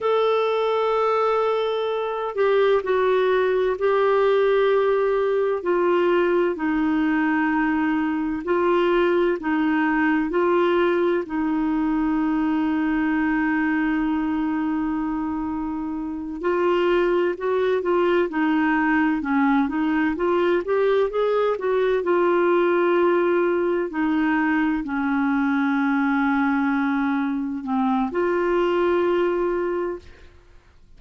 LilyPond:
\new Staff \with { instrumentName = "clarinet" } { \time 4/4 \tempo 4 = 64 a'2~ a'8 g'8 fis'4 | g'2 f'4 dis'4~ | dis'4 f'4 dis'4 f'4 | dis'1~ |
dis'4. f'4 fis'8 f'8 dis'8~ | dis'8 cis'8 dis'8 f'8 g'8 gis'8 fis'8 f'8~ | f'4. dis'4 cis'4.~ | cis'4. c'8 f'2 | }